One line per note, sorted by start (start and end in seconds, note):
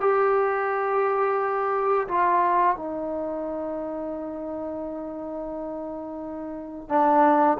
0.00 2.07 G4
2.08 2.76 F4
2.76 6.88 D#4
6.88 7.57 D4